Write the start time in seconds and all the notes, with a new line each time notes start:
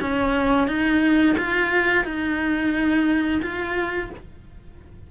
0.00 C#4
0.67 D#4
1.37 F4
2.04 D#4
3.42 F4